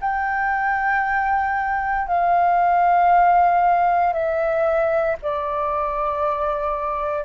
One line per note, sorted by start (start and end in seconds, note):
0.00 2.07 G5
2.07 4.12 F5
4.12 5.16 E5
5.22 7.24 D5